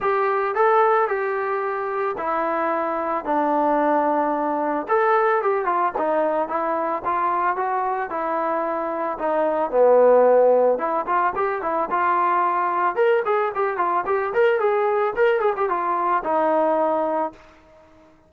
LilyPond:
\new Staff \with { instrumentName = "trombone" } { \time 4/4 \tempo 4 = 111 g'4 a'4 g'2 | e'2 d'2~ | d'4 a'4 g'8 f'8 dis'4 | e'4 f'4 fis'4 e'4~ |
e'4 dis'4 b2 | e'8 f'8 g'8 e'8 f'2 | ais'8 gis'8 g'8 f'8 g'8 ais'8 gis'4 | ais'8 gis'16 g'16 f'4 dis'2 | }